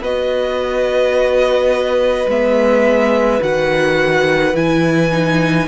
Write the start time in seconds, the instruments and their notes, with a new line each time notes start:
0.00 cello B3, viola F#4, violin B4 D#5
2.27 cello G#3, viola B3, violin E5
3.40 cello D#3, viola F#4, violin F#5
4.54 cello E3, viola E4, violin G#5
5.12 viola D#4